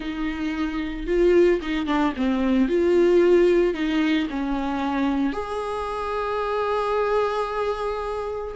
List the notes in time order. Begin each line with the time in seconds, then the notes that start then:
0.00 D#4
1.06 F4
1.61 D#4
1.86 D4
2.16 C4
2.68 F4
3.74 D#4
4.30 C#4
5.33 G#4